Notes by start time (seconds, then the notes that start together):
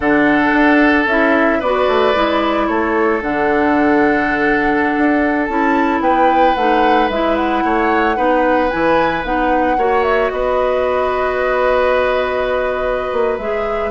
0.00 D3 D4 A4 F#5
0.52 D4
1.06 C#4 E4 E5
1.59 B3 F#4 B4 D5
1.87 A3
2.14 G#3 E4
2.67 A3 A4 C#5
3.21 D3 D4 F#5
4.97 D4
5.45 C#4 E4 A5
6.00 B3 B4 G5
6.54 A3 D#4 F#5
7.09 G#3 E4 E5
7.36 F#5
7.64 A3 C#5
8.15 B3 D#4 B4
8.69 E3 E4 G#5
9.23 B3 D#4 F#5
9.77 A#3 F#4 C#5
10.03 E5
10.30 B3 B4 D#5
13.12 A#3
13.38 G#3 G#4 E5